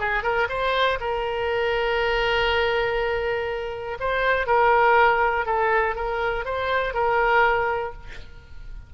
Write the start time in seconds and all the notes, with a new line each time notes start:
0.00 G#4
0.23 A#4
0.49 C5
1.01 A#4
4.00 C5
4.47 A#4
5.46 A4
5.96 A#4
6.45 C5
6.94 A#4